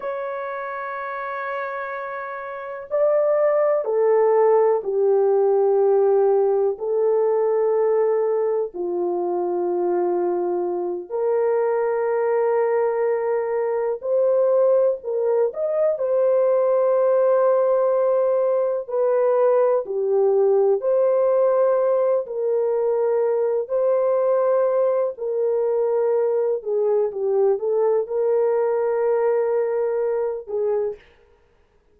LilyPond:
\new Staff \with { instrumentName = "horn" } { \time 4/4 \tempo 4 = 62 cis''2. d''4 | a'4 g'2 a'4~ | a'4 f'2~ f'8 ais'8~ | ais'2~ ais'8 c''4 ais'8 |
dis''8 c''2. b'8~ | b'8 g'4 c''4. ais'4~ | ais'8 c''4. ais'4. gis'8 | g'8 a'8 ais'2~ ais'8 gis'8 | }